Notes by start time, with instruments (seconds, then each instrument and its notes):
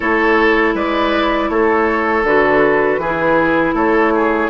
0.00 bassoon A3, clarinet E4, oboe A4, flute C#5
0.74 bassoon G#3, oboe B4, flute D5
1.49 bassoon A3, oboe A4, flute C#5
2.23 bassoon D3, clarinet F#4, flute B4
2.98 bassoon E3, oboe G#4
3.04 clarinet E4
3.73 bassoon A3, oboe A4, flute C#5
4.15 oboe G#4